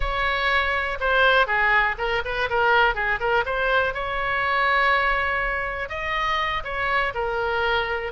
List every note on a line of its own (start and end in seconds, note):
0.00 0.98 C#5
1.00 1.46 C5
1.46 1.95 G#4
1.98 2.22 A#4
2.24 2.49 B4
2.49 2.94 A#4
2.94 3.19 G#4
3.20 3.44 A#4
3.45 3.93 C5
3.93 5.89 C#5
5.89 6.63 D#5
6.63 7.13 C#5
7.14 8.12 A#4